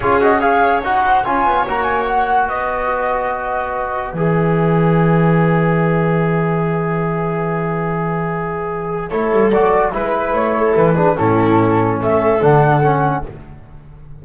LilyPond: <<
  \new Staff \with { instrumentName = "flute" } { \time 4/4 \tempo 4 = 145 cis''8 dis''8 f''4 fis''4 gis''4 | ais''8 gis''8 fis''4 dis''2~ | dis''2 e''2~ | e''1~ |
e''1~ | e''2 cis''4 d''4 | b'4 cis''4 b'4 a'4~ | a'4 e''4 fis''2 | }
  \new Staff \with { instrumentName = "viola" } { \time 4/4 gis'4 cis''4. c''8 cis''4~ | cis''2 b'2~ | b'1~ | b'1~ |
b'1~ | b'2 a'2 | b'4. a'4 gis'8 e'4~ | e'4 a'2. | }
  \new Staff \with { instrumentName = "trombone" } { \time 4/4 f'8 fis'8 gis'4 fis'4 f'4 | fis'1~ | fis'2 gis'2~ | gis'1~ |
gis'1~ | gis'2 e'4 fis'4 | e'2~ e'8 d'8 cis'4~ | cis'2 d'4 cis'4 | }
  \new Staff \with { instrumentName = "double bass" } { \time 4/4 cis'2 dis'4 cis'8 b8 | ais2 b2~ | b2 e2~ | e1~ |
e1~ | e2 a8 g8 fis4 | gis4 a4 e4 a,4~ | a,4 a4 d2 | }
>>